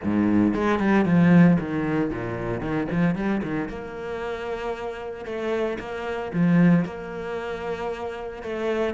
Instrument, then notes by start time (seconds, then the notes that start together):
cello
0.04 G#2
0.54 G#3
0.79 G3
1.05 F3
1.59 D#3
2.10 A#2
2.60 D#3
2.91 F3
3.15 G3
3.43 D#3
3.68 A#3
5.25 A3
5.79 A#3
6.33 F3
6.84 A#3
8.42 A3